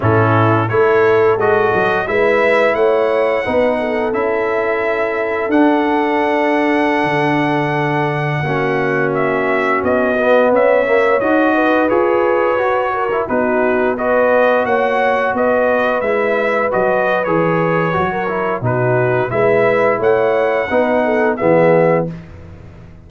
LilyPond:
<<
  \new Staff \with { instrumentName = "trumpet" } { \time 4/4 \tempo 4 = 87 a'4 cis''4 dis''4 e''4 | fis''2 e''2 | fis''1~ | fis''4~ fis''16 e''4 dis''4 e''8.~ |
e''16 dis''4 cis''2 b'8.~ | b'16 dis''4 fis''4 dis''4 e''8.~ | e''16 dis''8. cis''2 b'4 | e''4 fis''2 e''4 | }
  \new Staff \with { instrumentName = "horn" } { \time 4/4 e'4 a'2 b'4 | cis''4 b'8 a'2~ a'8~ | a'1~ | a'16 fis'2. cis''8.~ |
cis''8. b'2 ais'8 fis'8.~ | fis'16 b'4 cis''4 b'4.~ b'16~ | b'2~ b'16 ais'8. fis'4 | b'4 cis''4 b'8 a'8 gis'4 | }
  \new Staff \with { instrumentName = "trombone" } { \time 4/4 cis'4 e'4 fis'4 e'4~ | e'4 dis'4 e'2 | d'1~ | d'16 cis'2~ cis'8 b4 ais16~ |
ais16 fis'4 gis'4 fis'8. e'16 dis'8.~ | dis'16 fis'2. e'8.~ | e'16 fis'8. gis'4 fis'8 e'8 dis'4 | e'2 dis'4 b4 | }
  \new Staff \with { instrumentName = "tuba" } { \time 4/4 a,4 a4 gis8 fis8 gis4 | a4 b4 cis'2 | d'2~ d'16 d4.~ d16~ | d16 ais2 b4 cis'8.~ |
cis'16 dis'4 f'4 fis'4 b8.~ | b4~ b16 ais4 b4 gis8.~ | gis16 fis8. e4 fis4 b,4 | gis4 a4 b4 e4 | }
>>